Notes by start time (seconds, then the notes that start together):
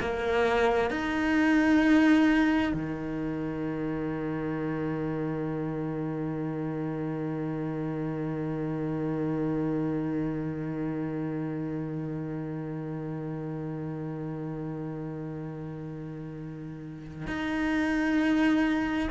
0.00 A#3
0.90 D#4
2.73 D#3
17.27 D#4